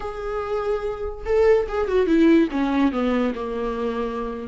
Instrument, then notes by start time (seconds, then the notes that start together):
viola
0.00 G#4
1.25 A4
1.68 G#4
1.88 F#4
2.06 E4
2.51 C#4
2.92 B3
3.34 A#3